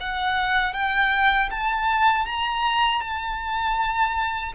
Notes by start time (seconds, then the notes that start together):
0.00 F#5
0.73 G5
1.51 A5
2.25 A#5
3.01 A5